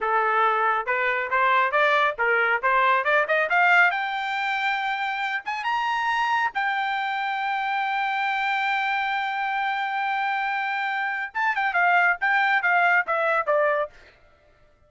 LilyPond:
\new Staff \with { instrumentName = "trumpet" } { \time 4/4 \tempo 4 = 138 a'2 b'4 c''4 | d''4 ais'4 c''4 d''8 dis''8 | f''4 g''2.~ | g''8 gis''8 ais''2 g''4~ |
g''1~ | g''1~ | g''2 a''8 g''8 f''4 | g''4 f''4 e''4 d''4 | }